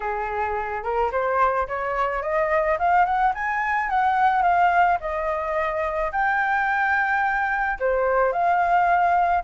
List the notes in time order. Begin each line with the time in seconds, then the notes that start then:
0.00 G#4
0.83 A#4
1.11 C5
1.67 C#5
2.22 D#5
2.78 F5
3.05 F#5
3.34 G#5
3.89 F#5
4.42 F5
5.00 D#5
6.12 G5
7.79 C5
8.32 F5